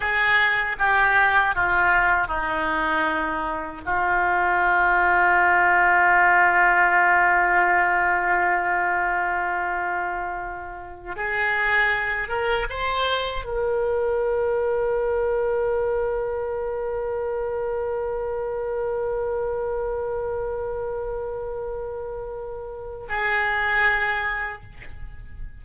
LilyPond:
\new Staff \with { instrumentName = "oboe" } { \time 4/4 \tempo 4 = 78 gis'4 g'4 f'4 dis'4~ | dis'4 f'2.~ | f'1~ | f'2~ f'8 gis'4. |
ais'8 c''4 ais'2~ ais'8~ | ais'1~ | ais'1~ | ais'2 gis'2 | }